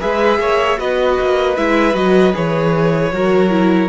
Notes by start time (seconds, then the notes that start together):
0.00 G#3 G#4 B4 E5
0.38 A#3 C#5
0.77 B3 F#4 B4 D#5
1.20 A#3
1.56 G#3 E4 E5
1.94 F#3 F#4 D#5
2.33 E3 G#4 C#5
3.12 F#3 F#4 A#4
3.50 E4